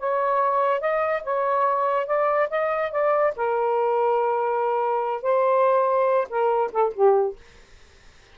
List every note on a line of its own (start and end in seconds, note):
0.00 0.81 C#5
0.81 1.23 D#5
1.24 2.07 C#5
2.07 2.49 D5
2.50 2.92 D#5
2.92 3.34 D5
3.37 5.23 A#4
5.23 6.28 C5
6.30 6.72 A#4
6.73 6.94 A4
6.94 7.37 G4